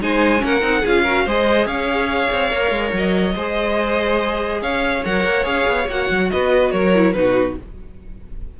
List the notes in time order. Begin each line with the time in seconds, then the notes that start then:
0.00 G#3 D#4 C5 G#5
0.38 A#3 C#4
0.45 A#4 F#5
0.61 C4 D#4
0.81 C#4 F4 G#4 F5
1.03 F#4 A#4
1.25 G#3 G#4 C5 D#5
1.66 C#4 C#5 F5
2.32 C4
2.50 A#3 A#4
2.70 G#3
2.92 F#3 D#5
3.35 G#3 G#4 C5
4.62 C#4 C#5 F5
5.04 F#3 A#4 F#5
5.24 A#3
5.43 C#4 G#4 F5
5.67 B3
5.89 A#3 F#4 F#5
6.10 F#3
6.31 B3 B4 D#5
6.71 F#3 A#4 C#5
6.95 E4
7.13 B2 D#4 F#4 B4